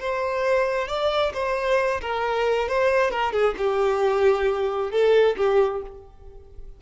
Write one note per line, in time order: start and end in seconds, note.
0.00 0.88 C5
0.88 1.33 D5
1.34 2.01 C5
2.01 2.68 A#4
2.68 3.11 C5
3.11 3.32 A#4
3.32 3.55 G#4
3.58 4.91 G4
4.91 5.36 A4
5.37 5.81 G4